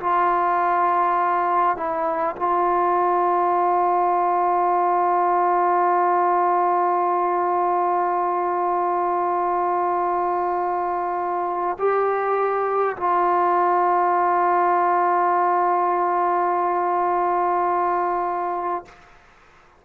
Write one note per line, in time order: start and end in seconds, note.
0.00 1.76 F4
1.76 2.35 E4
2.36 11.78 F4
11.79 12.96 G4
12.97 18.85 F4